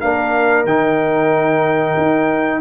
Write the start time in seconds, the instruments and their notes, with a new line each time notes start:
0.00 tuba A#3, trombone D4, horn A#4, trumpet F5
0.64 tuba D#3, trombone D#4, trumpet G5
1.97 tuba D#4